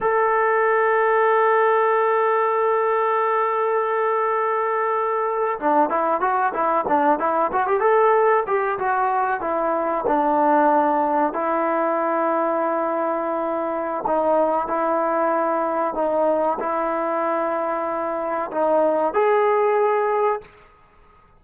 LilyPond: \new Staff \with { instrumentName = "trombone" } { \time 4/4 \tempo 4 = 94 a'1~ | a'1~ | a'8. d'8 e'8 fis'8 e'8 d'8 e'8 fis'16 | g'16 a'4 g'8 fis'4 e'4 d'16~ |
d'4.~ d'16 e'2~ e'16~ | e'2 dis'4 e'4~ | e'4 dis'4 e'2~ | e'4 dis'4 gis'2 | }